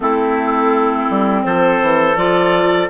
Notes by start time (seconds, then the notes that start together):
0.00 A3 C4 E4 A4
1.09 G3
1.44 F3 A4 C5
1.82 E3
2.16 F3 F4 D5